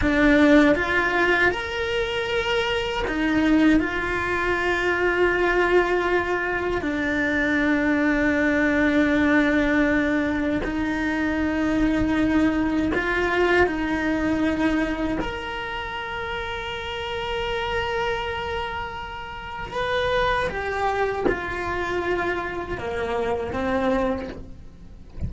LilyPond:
\new Staff \with { instrumentName = "cello" } { \time 4/4 \tempo 4 = 79 d'4 f'4 ais'2 | dis'4 f'2.~ | f'4 d'2.~ | d'2 dis'2~ |
dis'4 f'4 dis'2 | ais'1~ | ais'2 b'4 g'4 | f'2 ais4 c'4 | }